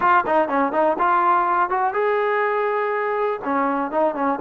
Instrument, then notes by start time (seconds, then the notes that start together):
trombone
0.00 F4
0.26 D#4
0.48 C#4
0.72 D#4
0.98 F4
1.69 F#4
1.93 G#4
3.43 C#4
3.91 D#4
4.14 C#4